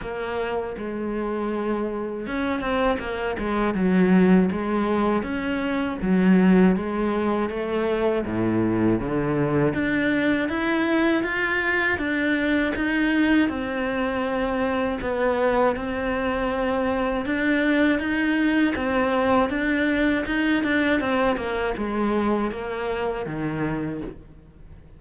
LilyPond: \new Staff \with { instrumentName = "cello" } { \time 4/4 \tempo 4 = 80 ais4 gis2 cis'8 c'8 | ais8 gis8 fis4 gis4 cis'4 | fis4 gis4 a4 a,4 | d4 d'4 e'4 f'4 |
d'4 dis'4 c'2 | b4 c'2 d'4 | dis'4 c'4 d'4 dis'8 d'8 | c'8 ais8 gis4 ais4 dis4 | }